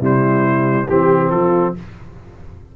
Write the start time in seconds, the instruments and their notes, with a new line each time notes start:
0.00 tuba C3, trombone G3, horn E4, trumpet C5
0.87 tuba E3, trombone C4, horn G4, trumpet G4
1.31 tuba F3, horn F4, trumpet A4